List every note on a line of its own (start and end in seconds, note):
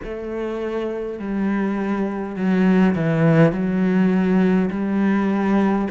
0.03 1.19 A3
1.19 2.35 G3
2.35 2.94 F#3
2.95 3.52 E3
3.52 4.70 F#3
4.70 5.88 G3